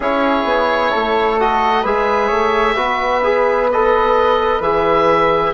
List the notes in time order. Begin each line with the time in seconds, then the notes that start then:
0.00 C#4 E4 G#4 C#5
0.44 B3
0.91 A3 A4
1.39 F#4 D#5
1.82 G#3 G#4 B4 E5
2.27 A3 C#5
2.75 B3 F#4 B4
3.23 G#4
3.71 A4 D#5
4.60 E3 G#4 E5